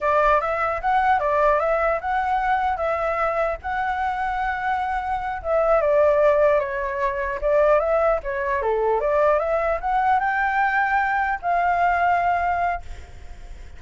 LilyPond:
\new Staff \with { instrumentName = "flute" } { \time 4/4 \tempo 4 = 150 d''4 e''4 fis''4 d''4 | e''4 fis''2 e''4~ | e''4 fis''2.~ | fis''4. e''4 d''4.~ |
d''8 cis''2 d''4 e''8~ | e''8 cis''4 a'4 d''4 e''8~ | e''8 fis''4 g''2~ g''8~ | g''8 f''2.~ f''8 | }